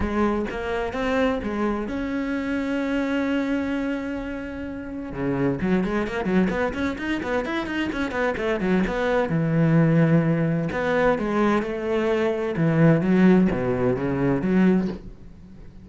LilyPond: \new Staff \with { instrumentName = "cello" } { \time 4/4 \tempo 4 = 129 gis4 ais4 c'4 gis4 | cis'1~ | cis'2. cis4 | fis8 gis8 ais8 fis8 b8 cis'8 dis'8 b8 |
e'8 dis'8 cis'8 b8 a8 fis8 b4 | e2. b4 | gis4 a2 e4 | fis4 b,4 cis4 fis4 | }